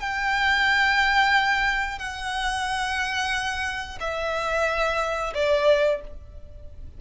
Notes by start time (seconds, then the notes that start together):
0.00 G5
1.98 F#5
4.00 E5
5.34 D5